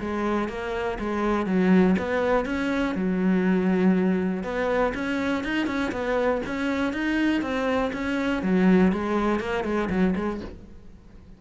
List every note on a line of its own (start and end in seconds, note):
0.00 0.49 G#3
0.49 0.98 A#3
1.00 1.47 G#3
1.47 1.96 F#3
1.99 2.46 B3
2.46 2.95 C#4
2.95 4.44 F#3
4.44 4.93 B3
4.94 5.44 C#4
5.44 5.67 D#4
5.67 5.92 C#4
5.92 6.41 B3
6.46 6.93 C#4
6.93 7.42 D#4
7.42 7.92 C4
7.93 8.43 C#4
8.43 8.92 F#3
8.92 9.40 G#3
9.40 9.64 A#3
9.64 9.89 G#3
9.90 10.15 F#3
10.16 10.41 G#3